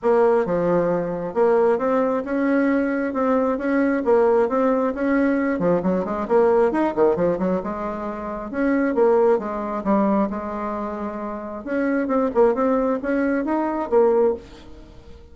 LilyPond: \new Staff \with { instrumentName = "bassoon" } { \time 4/4 \tempo 4 = 134 ais4 f2 ais4 | c'4 cis'2 c'4 | cis'4 ais4 c'4 cis'4~ | cis'8 f8 fis8 gis8 ais4 dis'8 dis8 |
f8 fis8 gis2 cis'4 | ais4 gis4 g4 gis4~ | gis2 cis'4 c'8 ais8 | c'4 cis'4 dis'4 ais4 | }